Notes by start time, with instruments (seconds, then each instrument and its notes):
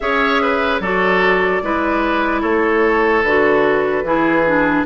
0.00 bassoon C#4, clarinet G#4, oboe C#5, flute E5
0.42 oboe B4
0.80 bassoon F#3, clarinet F#4, oboe A4, flute D5
1.62 bassoon G#3, clarinet E4, oboe B4
2.41 bassoon A3, oboe A4, flute C#5
3.23 bassoon D3, clarinet F#4, flute B4
4.03 bassoon E3, clarinet E4, oboe G#4
4.46 clarinet D4